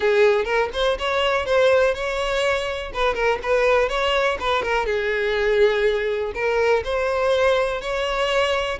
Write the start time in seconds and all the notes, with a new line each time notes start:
0.00 G#4
0.44 A#4
0.73 C5
0.98 C#5
1.45 C5
1.94 C#5
2.93 B4
3.14 A#4
3.43 B4
3.88 C#5
4.39 B4
4.62 A#4
4.85 G#4
6.34 A#4
6.84 C5
7.81 C#5